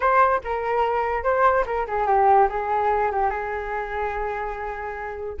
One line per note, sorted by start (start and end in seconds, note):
0.00 0.41 C5
0.43 1.23 A#4
1.23 1.65 C5
1.66 1.86 A#4
1.87 2.06 G#4
2.06 2.48 G4
2.49 3.11 G#4
3.11 3.30 G4
3.30 5.36 G#4